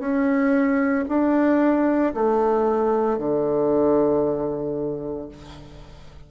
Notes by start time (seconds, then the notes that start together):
0.00 C#4
1.09 D4
2.14 A3
3.18 D3